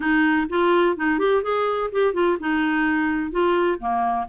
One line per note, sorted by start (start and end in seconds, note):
0.00 0.47 D#4
0.49 0.96 F4
0.96 1.19 D#4
1.19 1.42 G4
1.42 1.90 G#4
1.92 2.13 G4
2.13 2.37 F4
2.40 3.31 D#4
3.31 3.78 F4
3.79 4.26 A#3